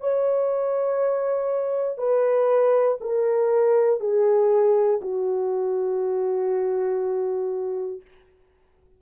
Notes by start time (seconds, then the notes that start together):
0.00 C#5
1.97 B4
3.00 A#4
4.00 G#4
5.01 F#4